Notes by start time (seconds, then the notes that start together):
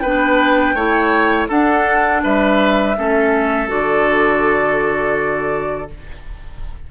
0.00 B3 D4 B4 G5
0.75 A3 E4 C#5
1.49 D4 A4 F#5
2.24 G3 B4 E5
2.98 A3 C#4 A4
3.68 D3 F#4 D5